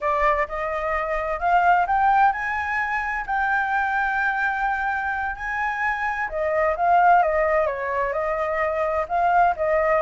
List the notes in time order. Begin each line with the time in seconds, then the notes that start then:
0.00 D5
0.48 D#5
1.39 F5
1.86 G5
2.32 G#5
3.26 G5
5.35 G#5
6.29 D#5
6.76 F5
7.22 D#5
7.66 C#5
8.13 D#5
9.08 F5
9.56 D#5